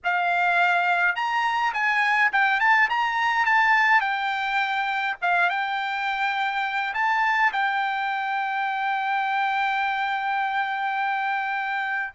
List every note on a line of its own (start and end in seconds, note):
0.04 1.15 F5
1.15 1.73 A#5
1.73 2.31 G#5
2.32 2.60 G5
2.60 2.88 A5
2.89 3.45 A#5
3.45 4.00 A5
4.00 5.16 G5
5.21 5.49 F5
5.49 6.93 G5
6.94 7.52 A5
7.52 12.14 G5